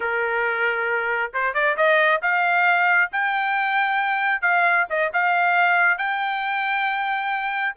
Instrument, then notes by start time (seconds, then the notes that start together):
trumpet
0.00 A#4
1.33 C5
1.54 D5
1.76 D#5
2.22 F5
3.12 G5
4.41 F5
4.89 D#5
5.13 F5
5.98 G5